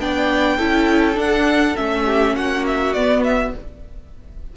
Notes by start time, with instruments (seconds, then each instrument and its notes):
0.00 cello B3, viola D4, violin D5 G5
0.57 cello C#4, viola E4, violin A4
1.15 viola D4, cello D4, violin F#5
1.76 cello A3, viola C#4, violin E5
2.05 violin G4
2.36 cello A#3, violin F#4 F#5
2.67 violin E5
2.94 cello B3, viola B3, violin D5
3.24 violin E5